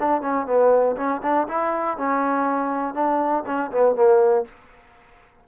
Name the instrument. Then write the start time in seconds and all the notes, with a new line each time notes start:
trombone
0.00 D4
0.22 C#4
0.47 B3
0.97 C#4
1.23 D4
1.49 E4
1.98 C#4
2.95 D4
3.47 C#4
3.72 B3
3.96 A#3